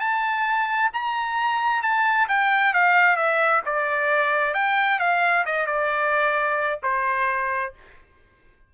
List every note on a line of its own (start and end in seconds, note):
0.00 0.91 A5
0.93 1.82 A#5
1.82 2.28 A5
2.29 2.74 G5
2.74 3.17 F5
3.17 3.62 E5
3.66 4.54 D5
4.54 4.99 G5
4.99 5.45 F5
5.46 5.67 D#5
5.67 6.80 D5
6.83 7.74 C5